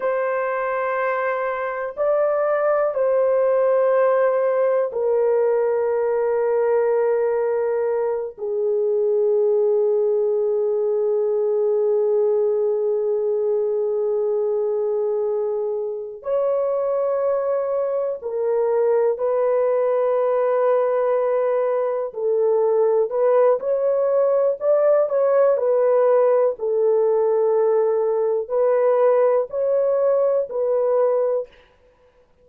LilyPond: \new Staff \with { instrumentName = "horn" } { \time 4/4 \tempo 4 = 61 c''2 d''4 c''4~ | c''4 ais'2.~ | ais'8 gis'2.~ gis'8~ | gis'1~ |
gis'8 cis''2 ais'4 b'8~ | b'2~ b'8 a'4 b'8 | cis''4 d''8 cis''8 b'4 a'4~ | a'4 b'4 cis''4 b'4 | }